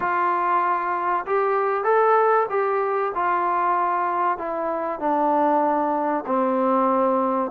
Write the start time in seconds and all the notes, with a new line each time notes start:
0.00 F4
1.26 G4
1.84 A4
2.49 G4
3.14 F4
4.38 E4
4.99 D4
6.26 C4